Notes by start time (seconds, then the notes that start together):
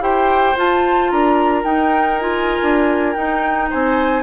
0.00 E4 G4 C5 G5
0.56 F4 A5
1.10 D4 A#4 A#5
1.64 D#4 G5
2.18 F4 G#5
2.62 D4
3.13 D#4 G5
3.70 C4 C5 G#5